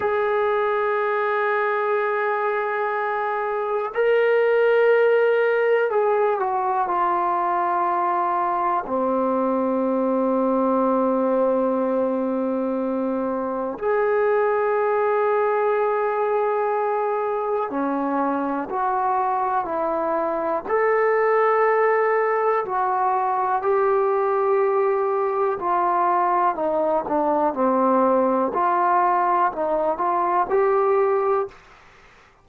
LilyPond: \new Staff \with { instrumentName = "trombone" } { \time 4/4 \tempo 4 = 61 gis'1 | ais'2 gis'8 fis'8 f'4~ | f'4 c'2.~ | c'2 gis'2~ |
gis'2 cis'4 fis'4 | e'4 a'2 fis'4 | g'2 f'4 dis'8 d'8 | c'4 f'4 dis'8 f'8 g'4 | }